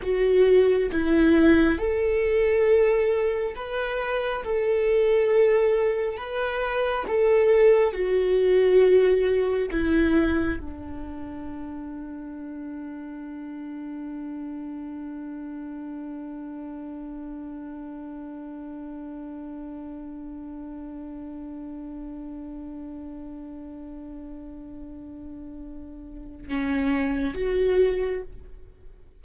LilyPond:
\new Staff \with { instrumentName = "viola" } { \time 4/4 \tempo 4 = 68 fis'4 e'4 a'2 | b'4 a'2 b'4 | a'4 fis'2 e'4 | d'1~ |
d'1~ | d'1~ | d'1~ | d'2 cis'4 fis'4 | }